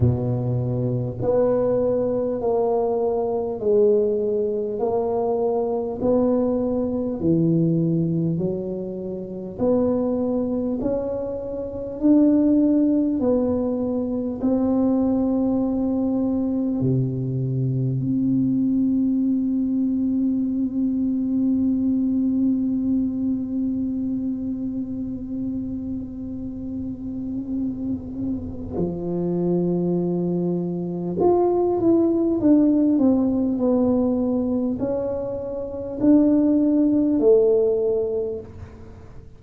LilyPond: \new Staff \with { instrumentName = "tuba" } { \time 4/4 \tempo 4 = 50 b,4 b4 ais4 gis4 | ais4 b4 e4 fis4 | b4 cis'4 d'4 b4 | c'2 c4 c'4~ |
c'1~ | c'1 | f2 f'8 e'8 d'8 c'8 | b4 cis'4 d'4 a4 | }